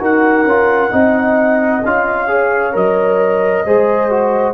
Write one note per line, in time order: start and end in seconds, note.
0.00 0.45 D#4
0.00 0.45 F#4
0.00 0.92 A#4
0.00 1.86 F#5
0.45 0.90 C#4
0.45 0.91 F4
0.91 1.84 C4
0.91 1.82 D#4
0.91 2.28 D#5
1.85 2.76 C#4
1.85 2.28 F4
1.85 2.77 F5
2.28 2.73 G#4
2.28 3.66 C#5
2.73 3.66 F#3
2.73 3.64 A#4
2.73 4.54 D#5
3.66 4.54 G#3
3.66 4.10 G#4
3.66 4.54 C5
4.10 4.54 F#4